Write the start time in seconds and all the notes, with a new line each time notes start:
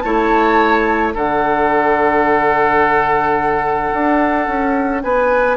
0.00 A3 E4 C#5 A5
1.14 D3 D4 A4 F#5
3.92 D4
4.47 C#4
5.02 B3 B4 G#5